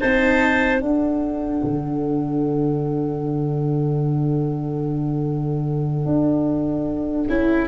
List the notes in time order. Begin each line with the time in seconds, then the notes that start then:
0.00 C4 D#4 C5 A5
0.79 D4 A4 F#5
1.64 D3
6.06 D4
7.29 C#4 E4